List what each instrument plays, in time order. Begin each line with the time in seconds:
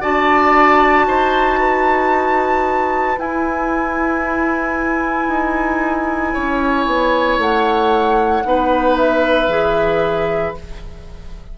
0.00 bassoon D4, clarinet F#4, oboe D5, flute A5
1.07 bassoon D#4, oboe C5
1.59 oboe B4
3.17 clarinet E4, bassoon E4, flute G#5
5.28 bassoon D#4
6.33 bassoon C#4, oboe C#5
6.86 bassoon B3
7.38 bassoon A3, flute F#5
8.44 bassoon B3, clarinet D#4, oboe B4
8.96 flute E5
9.47 bassoon E3, clarinet G#4